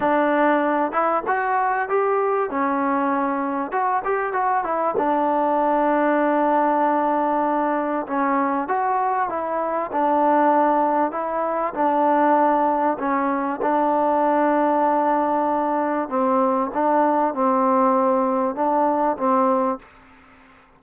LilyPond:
\new Staff \with { instrumentName = "trombone" } { \time 4/4 \tempo 4 = 97 d'4. e'8 fis'4 g'4 | cis'2 fis'8 g'8 fis'8 e'8 | d'1~ | d'4 cis'4 fis'4 e'4 |
d'2 e'4 d'4~ | d'4 cis'4 d'2~ | d'2 c'4 d'4 | c'2 d'4 c'4 | }